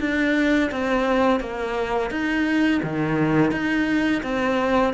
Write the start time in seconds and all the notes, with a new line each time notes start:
0.00 D4
0.71 C4
1.40 A#3
2.10 D#4
2.83 D#3
3.52 D#4
4.23 C4